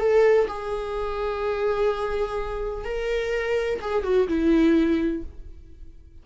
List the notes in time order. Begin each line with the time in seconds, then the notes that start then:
0.00 A4
0.48 G#4
2.85 A#4
3.81 G#4
4.04 F#4
4.28 E4